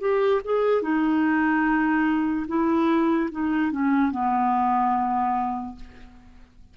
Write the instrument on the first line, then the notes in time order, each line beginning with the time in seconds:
clarinet
0.00 G4
0.44 G#4
0.82 D#4
2.47 E4
3.31 D#4
3.72 C#4
4.11 B3